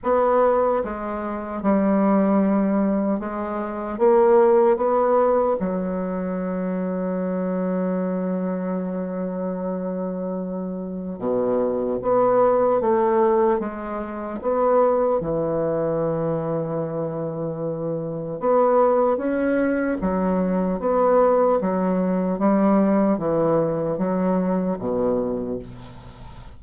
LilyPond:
\new Staff \with { instrumentName = "bassoon" } { \time 4/4 \tempo 4 = 75 b4 gis4 g2 | gis4 ais4 b4 fis4~ | fis1~ | fis2 b,4 b4 |
a4 gis4 b4 e4~ | e2. b4 | cis'4 fis4 b4 fis4 | g4 e4 fis4 b,4 | }